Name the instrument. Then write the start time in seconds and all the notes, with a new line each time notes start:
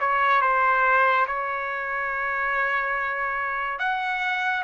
trumpet
0.00 C#5
0.41 C5
1.27 C#5
3.79 F#5